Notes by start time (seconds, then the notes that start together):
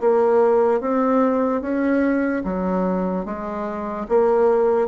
0.00 A#3
0.80 C4
1.61 C#4
2.44 F#3
3.25 G#3
4.08 A#3